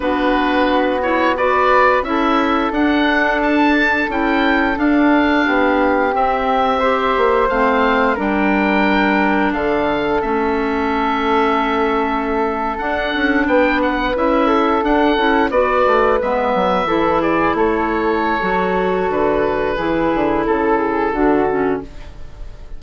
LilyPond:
<<
  \new Staff \with { instrumentName = "oboe" } { \time 4/4 \tempo 4 = 88 b'4. cis''8 d''4 e''4 | fis''4 a''4 g''4 f''4~ | f''4 e''2 f''4 | g''2 f''4 e''4~ |
e''2~ e''8. fis''4 g''16~ | g''16 fis''8 e''4 fis''4 d''4 e''16~ | e''4~ e''16 d''8 cis''2~ cis''16 | b'2 a'2 | }
  \new Staff \with { instrumentName = "flute" } { \time 4/4 fis'2 b'4 a'4~ | a'1 | g'2 c''2 | ais'2 a'2~ |
a'2.~ a'8. b'16~ | b'4~ b'16 a'4. b'4~ b'16~ | b'8. a'8 gis'8 a'2~ a'16~ | a'4 gis'4 a'8 gis'8 fis'4 | }
  \new Staff \with { instrumentName = "clarinet" } { \time 4/4 d'4. e'8 fis'4 e'4 | d'2 e'4 d'4~ | d'4 c'4 g'4 c'4 | d'2. cis'4~ |
cis'2~ cis'8. d'4~ d'16~ | d'8. e'4 d'8 e'8 fis'4 b16~ | b8. e'2~ e'16 fis'4~ | fis'4 e'2 d'8 cis'8 | }
  \new Staff \with { instrumentName = "bassoon" } { \time 4/4 b2. cis'4 | d'2 cis'4 d'4 | b4 c'4. ais8 a4 | g2 d4 a4~ |
a2~ a8. d'8 cis'8 b16~ | b8. cis'4 d'8 cis'8 b8 a8 gis16~ | gis16 fis8 e4 a4~ a16 fis4 | d4 e8 d8 cis4 d4 | }
>>